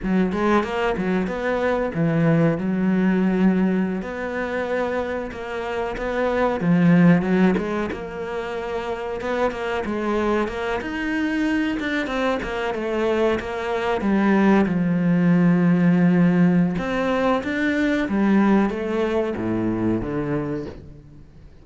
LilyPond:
\new Staff \with { instrumentName = "cello" } { \time 4/4 \tempo 4 = 93 fis8 gis8 ais8 fis8 b4 e4 | fis2~ fis16 b4.~ b16~ | b16 ais4 b4 f4 fis8 gis16~ | gis16 ais2 b8 ais8 gis8.~ |
gis16 ais8 dis'4. d'8 c'8 ais8 a16~ | a8. ais4 g4 f4~ f16~ | f2 c'4 d'4 | g4 a4 a,4 d4 | }